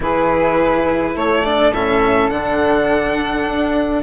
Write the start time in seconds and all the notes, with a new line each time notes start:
0.00 E3 E4 G#4 B4
1.14 A3 A4 C#5
1.44 D4 D5
1.72 A2 C#4 E5
2.30 D3 D4 F#5
3.45 D4